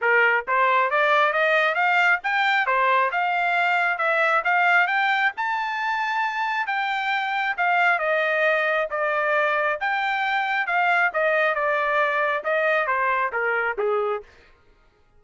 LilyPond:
\new Staff \with { instrumentName = "trumpet" } { \time 4/4 \tempo 4 = 135 ais'4 c''4 d''4 dis''4 | f''4 g''4 c''4 f''4~ | f''4 e''4 f''4 g''4 | a''2. g''4~ |
g''4 f''4 dis''2 | d''2 g''2 | f''4 dis''4 d''2 | dis''4 c''4 ais'4 gis'4 | }